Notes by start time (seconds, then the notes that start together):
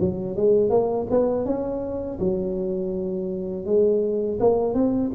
0.00 F#3
0.36 G#3
0.70 A#3
1.10 B3
1.45 C#4
2.19 F#3
3.66 G#3
4.40 A#3
4.74 C4